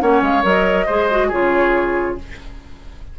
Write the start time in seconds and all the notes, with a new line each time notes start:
0.00 A#3 C#4 C#5 F#5
0.21 G#3 F5
0.43 F#3 A#4 D#5
0.86 G#3 G#4 C5
1.10 F#4
1.27 C#3 F4 G#4 C#5